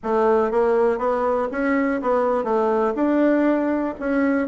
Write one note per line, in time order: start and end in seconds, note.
0.03 0.51 A3
0.51 0.98 A#3
0.98 1.47 B3
1.51 2.01 C#4
2.01 2.44 B3
2.44 2.93 A3
2.95 3.94 D4
3.99 4.47 C#4